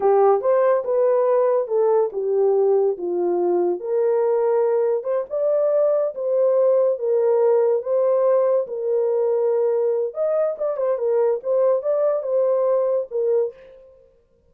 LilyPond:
\new Staff \with { instrumentName = "horn" } { \time 4/4 \tempo 4 = 142 g'4 c''4 b'2 | a'4 g'2 f'4~ | f'4 ais'2. | c''8 d''2 c''4.~ |
c''8 ais'2 c''4.~ | c''8 ais'2.~ ais'8 | dis''4 d''8 c''8 ais'4 c''4 | d''4 c''2 ais'4 | }